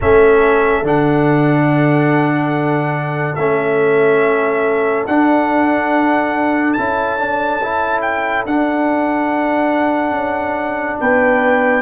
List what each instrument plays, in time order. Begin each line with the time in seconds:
0.00 tuba A3, trombone C#4, horn A4, trumpet E5
0.82 tuba D3, trombone D4, trumpet F#5
3.35 tuba A3, trombone C#4, trumpet E5
5.07 tuba D4, trombone D4, trumpet F#5
6.73 tuba C#4, trombone E4, trumpet A5
7.18 trombone D4
7.62 trombone E4
8.01 trumpet G5
8.45 tuba D4, trombone D4, trumpet F#5
10.10 tuba C#4
11.00 tuba B3, horn B4, trumpet G5